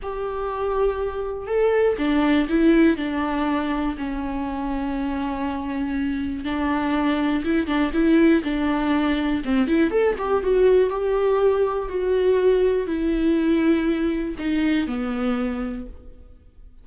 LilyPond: \new Staff \with { instrumentName = "viola" } { \time 4/4 \tempo 4 = 121 g'2. a'4 | d'4 e'4 d'2 | cis'1~ | cis'4 d'2 e'8 d'8 |
e'4 d'2 c'8 e'8 | a'8 g'8 fis'4 g'2 | fis'2 e'2~ | e'4 dis'4 b2 | }